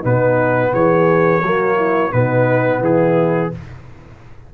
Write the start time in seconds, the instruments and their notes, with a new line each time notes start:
0.00 tuba B2, trombone B3, horn D#4, trumpet B4
0.73 tuba E3, horn G#4, trumpet C#5
1.43 tuba F#3, trombone A#3, horn F#4
1.76 horn E4
2.12 tuba B2, trombone B3, horn D#4, trumpet B4
2.80 tuba E3, horn E4, trumpet G#4